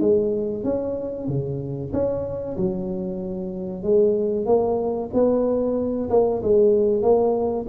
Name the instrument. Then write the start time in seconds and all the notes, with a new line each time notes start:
tuba
0.00 G#3
0.64 C#4
1.28 C#3
1.93 C#4
2.57 F#3
3.82 G#3
4.46 A#3
5.13 B3
6.10 A#3
6.42 G#3
7.02 A#3